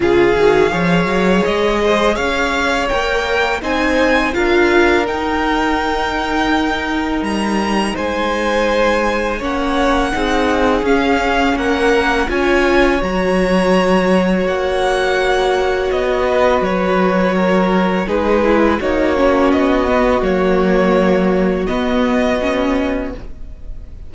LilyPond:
<<
  \new Staff \with { instrumentName = "violin" } { \time 4/4 \tempo 4 = 83 f''2 dis''4 f''4 | g''4 gis''4 f''4 g''4~ | g''2 ais''4 gis''4~ | gis''4 fis''2 f''4 |
fis''4 gis''4 ais''2 | fis''2 dis''4 cis''4~ | cis''4 b'4 cis''4 dis''4 | cis''2 dis''2 | }
  \new Staff \with { instrumentName = "violin" } { \time 4/4 gis'4 cis''4. c''8 cis''4~ | cis''4 c''4 ais'2~ | ais'2. c''4~ | c''4 cis''4 gis'2 |
ais'4 cis''2.~ | cis''2~ cis''8 b'4. | ais'4 gis'4 fis'2~ | fis'1 | }
  \new Staff \with { instrumentName = "viola" } { \time 4/4 f'8 fis'8 gis'2. | ais'4 dis'4 f'4 dis'4~ | dis'1~ | dis'4 cis'4 dis'4 cis'4~ |
cis'4 f'4 fis'2~ | fis'1~ | fis'4 dis'8 e'8 dis'8 cis'4 b8 | ais2 b4 cis'4 | }
  \new Staff \with { instrumentName = "cello" } { \time 4/4 cis8 dis8 f8 fis8 gis4 cis'4 | ais4 c'4 d'4 dis'4~ | dis'2 g4 gis4~ | gis4 ais4 c'4 cis'4 |
ais4 cis'4 fis2 | ais2 b4 fis4~ | fis4 gis4 ais4 b4 | fis2 b2 | }
>>